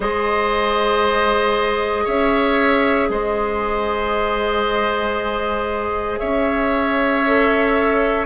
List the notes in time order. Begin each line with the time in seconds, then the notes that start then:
0.00 G#3 G#4 C5 D#5
2.04 C#4 C#5 E5
3.09 G#3 C5 D#5
6.18 C#4 C#5 E5
7.26 A4